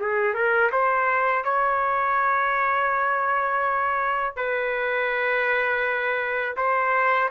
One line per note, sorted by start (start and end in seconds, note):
0.00 0.34 G#4
0.34 0.71 A#4
0.72 1.44 C5
1.44 4.36 C#5
4.36 6.56 B4
6.57 7.30 C5